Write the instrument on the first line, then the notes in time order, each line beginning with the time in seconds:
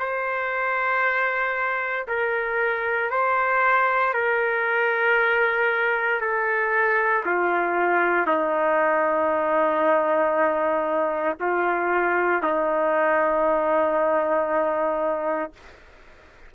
trumpet
0.00 C5
2.08 A#4
3.11 C5
4.14 A#4
6.21 A4
7.26 F4
8.27 D#4
11.40 F4
12.43 D#4